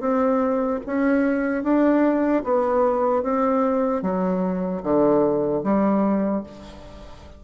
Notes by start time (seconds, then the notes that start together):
0.00 C4
0.86 C#4
1.63 D4
2.44 B3
3.23 C4
4.02 F#3
4.83 D3
5.63 G3